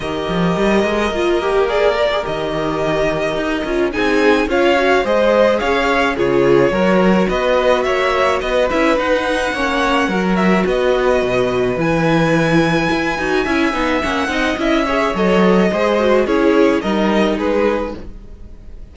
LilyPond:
<<
  \new Staff \with { instrumentName = "violin" } { \time 4/4 \tempo 4 = 107 dis''2. d''4 | dis''2. gis''4 | f''4 dis''4 f''4 cis''4~ | cis''4 dis''4 e''4 dis''8 e''8 |
fis''2~ fis''8 e''8 dis''4~ | dis''4 gis''2.~ | gis''4 fis''4 e''4 dis''4~ | dis''4 cis''4 dis''4 b'4 | }
  \new Staff \with { instrumentName = "violin" } { \time 4/4 ais'1~ | ais'2. gis'4 | cis''4 c''4 cis''4 gis'4 | ais'4 b'4 cis''4 b'4~ |
b'4 cis''4 ais'4 b'4~ | b'1 | e''4. dis''4 cis''4. | c''4 gis'4 ais'4 gis'4 | }
  \new Staff \with { instrumentName = "viola" } { \time 4/4 g'2 f'8 g'8 gis'8 ais'16 gis'16 | g'2~ g'8 f'8 dis'4 | f'8 fis'8 gis'2 f'4 | fis'2.~ fis'8 e'8 |
dis'4 cis'4 fis'2~ | fis'4 e'2~ e'8 fis'8 | e'8 dis'8 cis'8 dis'8 e'8 gis'8 a'4 | gis'8 fis'8 e'4 dis'2 | }
  \new Staff \with { instrumentName = "cello" } { \time 4/4 dis8 f8 g8 gis8 ais2 | dis2 dis'8 cis'8 c'4 | cis'4 gis4 cis'4 cis4 | fis4 b4 ais4 b8 cis'8 |
dis'4 ais4 fis4 b4 | b,4 e2 e'8 dis'8 | cis'8 b8 ais8 c'8 cis'4 fis4 | gis4 cis'4 g4 gis4 | }
>>